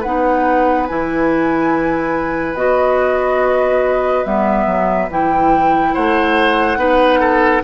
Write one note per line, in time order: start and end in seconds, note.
0.00 0.89 B3
0.00 0.88 D#4
0.00 5.92 B4
0.00 0.87 F#5
0.87 2.55 E3
0.87 2.56 E4
0.87 2.55 G#5
2.55 4.24 B3
2.55 4.24 F#4
2.55 4.24 D#5
4.24 4.66 G3
4.24 5.09 B3
4.24 5.09 E5
4.66 5.08 F#3
5.10 5.94 E3
5.10 6.77 E4
5.10 5.94 G5
5.93 6.76 A3
5.93 6.78 C5
5.93 7.63 F#5
6.76 7.61 B3
6.76 7.62 D#4
6.76 7.20 B4
7.20 7.62 A4